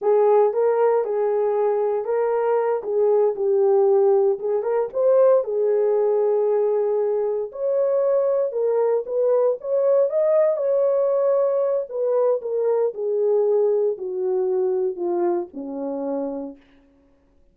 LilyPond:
\new Staff \with { instrumentName = "horn" } { \time 4/4 \tempo 4 = 116 gis'4 ais'4 gis'2 | ais'4. gis'4 g'4.~ | g'8 gis'8 ais'8 c''4 gis'4.~ | gis'2~ gis'8 cis''4.~ |
cis''8 ais'4 b'4 cis''4 dis''8~ | dis''8 cis''2~ cis''8 b'4 | ais'4 gis'2 fis'4~ | fis'4 f'4 cis'2 | }